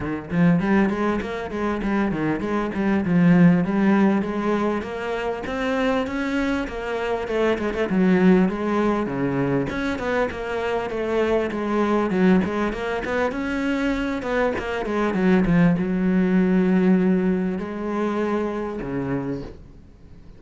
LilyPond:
\new Staff \with { instrumentName = "cello" } { \time 4/4 \tempo 4 = 99 dis8 f8 g8 gis8 ais8 gis8 g8 dis8 | gis8 g8 f4 g4 gis4 | ais4 c'4 cis'4 ais4 | a8 gis16 a16 fis4 gis4 cis4 |
cis'8 b8 ais4 a4 gis4 | fis8 gis8 ais8 b8 cis'4. b8 | ais8 gis8 fis8 f8 fis2~ | fis4 gis2 cis4 | }